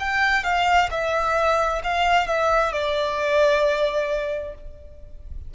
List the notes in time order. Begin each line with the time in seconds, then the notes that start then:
0.00 G5
0.44 F5
0.91 E5
1.83 F5
2.27 E5
2.73 D5